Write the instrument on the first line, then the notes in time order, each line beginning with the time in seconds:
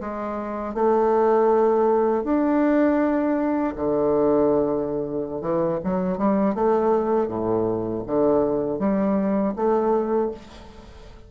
bassoon
0.00 G#3
0.74 A3
2.23 D4
3.75 D3
5.41 E3
5.83 F#3
6.17 G3
6.54 A3
7.27 A2
8.06 D3
8.79 G3
9.56 A3